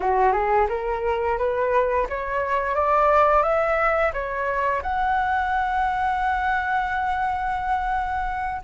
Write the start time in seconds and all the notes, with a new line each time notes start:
0.00 F#4
0.32 G#4
0.69 A#4
1.38 B4
2.09 C#5
2.75 D5
3.43 E5
4.13 C#5
4.82 F#5